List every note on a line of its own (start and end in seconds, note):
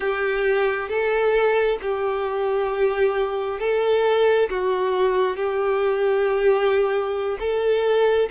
0.00 0.88 G4
0.88 1.78 A4
1.82 3.59 G4
3.59 4.49 A4
4.49 5.36 F#4
5.36 7.38 G4
7.39 8.29 A4